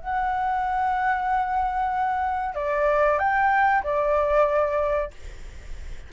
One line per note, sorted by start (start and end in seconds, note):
0.00 2.55 F#5
2.55 3.18 D5
3.18 3.82 G5
3.83 5.11 D5